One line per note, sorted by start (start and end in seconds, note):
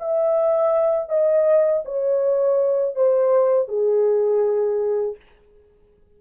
0.00 1.09 E5
1.09 1.83 D#5
1.85 2.96 C#5
2.96 3.68 C5
3.68 5.16 G#4